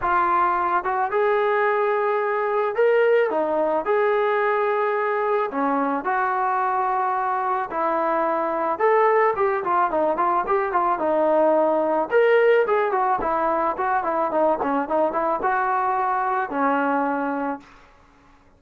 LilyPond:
\new Staff \with { instrumentName = "trombone" } { \time 4/4 \tempo 4 = 109 f'4. fis'8 gis'2~ | gis'4 ais'4 dis'4 gis'4~ | gis'2 cis'4 fis'4~ | fis'2 e'2 |
a'4 g'8 f'8 dis'8 f'8 g'8 f'8 | dis'2 ais'4 gis'8 fis'8 | e'4 fis'8 e'8 dis'8 cis'8 dis'8 e'8 | fis'2 cis'2 | }